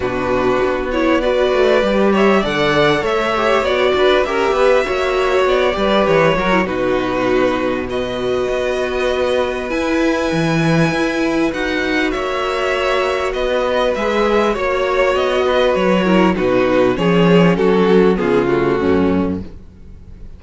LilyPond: <<
  \new Staff \with { instrumentName = "violin" } { \time 4/4 \tempo 4 = 99 b'4. cis''8 d''4. e''8 | fis''4 e''4 d''4 e''4~ | e''4 d''4 cis''4 b'4~ | b'4 dis''2. |
gis''2. fis''4 | e''2 dis''4 e''4 | cis''4 dis''4 cis''4 b'4 | cis''4 a'4 gis'8 fis'4. | }
  \new Staff \with { instrumentName = "violin" } { \time 4/4 fis'2 b'4. cis''8 | d''4 cis''4. b'8 ais'8 b'8 | cis''4. b'4 ais'8 fis'4~ | fis'4 b'2.~ |
b'1 | cis''2 b'2 | cis''4. b'4 ais'8 fis'4 | gis'4 fis'4 f'4 cis'4 | }
  \new Staff \with { instrumentName = "viola" } { \time 4/4 d'4. e'8 fis'4 g'4 | a'4. g'8 fis'4 g'4 | fis'4. g'4 fis'16 e'16 dis'4~ | dis'4 fis'2. |
e'2. fis'4~ | fis'2. gis'4 | fis'2~ fis'8 e'8 dis'4 | cis'2 b8 a4. | }
  \new Staff \with { instrumentName = "cello" } { \time 4/4 b,4 b4. a8 g4 | d4 a4 b8 d'8 cis'8 b8 | ais4 b8 g8 e8 fis8 b,4~ | b,2 b2 |
e'4 e4 e'4 dis'4 | ais2 b4 gis4 | ais4 b4 fis4 b,4 | f4 fis4 cis4 fis,4 | }
>>